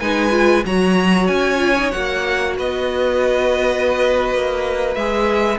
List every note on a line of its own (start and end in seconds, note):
0.00 0.65 G#3
0.00 0.31 D#4
0.00 0.65 B4
0.00 0.64 G#5
0.31 0.62 F4
0.66 1.29 F#3
0.66 1.58 F#4
0.66 2.57 C#5
0.66 1.27 A#5
1.27 1.93 C#4
1.27 1.91 G#5
1.58 1.74 F4
1.78 1.92 D#4
1.91 2.59 A#3
1.91 4.95 F#4
1.91 2.55 F#5
2.57 4.34 B3
2.57 5.59 B4
2.57 4.95 D#5
4.34 4.96 A#3
4.95 5.59 G#3
4.95 5.59 G#4
4.95 5.58 E5